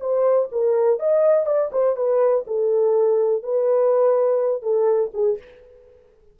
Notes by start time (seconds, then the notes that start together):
0.00 C5
0.52 A#4
1.00 D#5
1.46 D5
1.72 C5
1.96 B4
2.47 A4
3.43 B4
4.62 A4
5.14 G#4